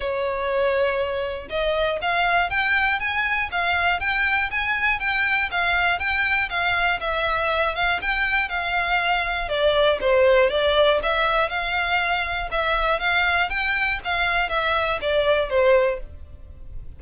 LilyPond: \new Staff \with { instrumentName = "violin" } { \time 4/4 \tempo 4 = 120 cis''2. dis''4 | f''4 g''4 gis''4 f''4 | g''4 gis''4 g''4 f''4 | g''4 f''4 e''4. f''8 |
g''4 f''2 d''4 | c''4 d''4 e''4 f''4~ | f''4 e''4 f''4 g''4 | f''4 e''4 d''4 c''4 | }